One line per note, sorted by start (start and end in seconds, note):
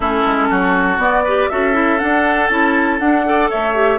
0.00 0.23 A3
0.00 0.98 C#4
0.00 0.48 E4
0.00 1.00 A4
0.25 0.50 G#3
0.50 0.98 F#3
0.50 1.24 F#4
0.98 1.48 B3
0.98 1.23 B3
0.98 1.49 D5
1.24 1.51 G4
1.24 1.49 B4
1.49 2.02 C#4
1.49 1.73 F#4
1.49 3.26 A4
1.49 1.98 E5
1.73 1.98 E4
1.98 2.49 D4
1.98 2.47 F#5
2.47 2.99 C#4
2.47 2.99 E4
2.47 2.97 A5
2.98 3.49 D4
2.98 3.25 D4
2.98 3.48 F#5
3.25 3.75 A4
3.25 3.50 D5
3.50 3.99 A3
3.50 3.99 C#5
3.50 3.99 E5
3.75 3.99 G4